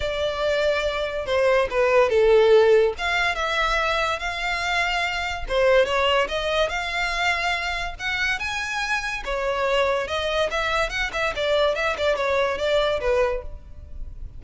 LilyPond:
\new Staff \with { instrumentName = "violin" } { \time 4/4 \tempo 4 = 143 d''2. c''4 | b'4 a'2 f''4 | e''2 f''2~ | f''4 c''4 cis''4 dis''4 |
f''2. fis''4 | gis''2 cis''2 | dis''4 e''4 fis''8 e''8 d''4 | e''8 d''8 cis''4 d''4 b'4 | }